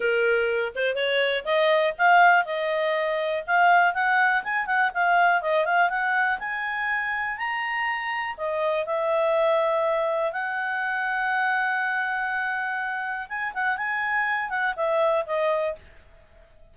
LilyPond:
\new Staff \with { instrumentName = "clarinet" } { \time 4/4 \tempo 4 = 122 ais'4. c''8 cis''4 dis''4 | f''4 dis''2 f''4 | fis''4 gis''8 fis''8 f''4 dis''8 f''8 | fis''4 gis''2 ais''4~ |
ais''4 dis''4 e''2~ | e''4 fis''2.~ | fis''2. gis''8 fis''8 | gis''4. fis''8 e''4 dis''4 | }